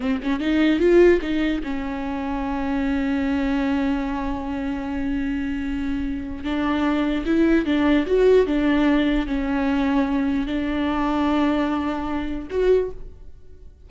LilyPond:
\new Staff \with { instrumentName = "viola" } { \time 4/4 \tempo 4 = 149 c'8 cis'8 dis'4 f'4 dis'4 | cis'1~ | cis'1~ | cis'1 |
d'2 e'4 d'4 | fis'4 d'2 cis'4~ | cis'2 d'2~ | d'2. fis'4 | }